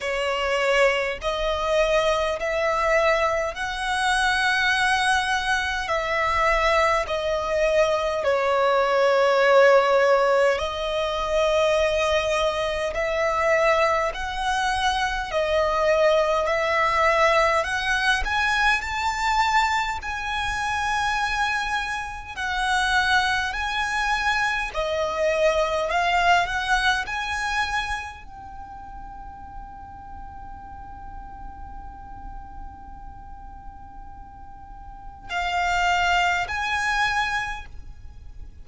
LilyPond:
\new Staff \with { instrumentName = "violin" } { \time 4/4 \tempo 4 = 51 cis''4 dis''4 e''4 fis''4~ | fis''4 e''4 dis''4 cis''4~ | cis''4 dis''2 e''4 | fis''4 dis''4 e''4 fis''8 gis''8 |
a''4 gis''2 fis''4 | gis''4 dis''4 f''8 fis''8 gis''4 | g''1~ | g''2 f''4 gis''4 | }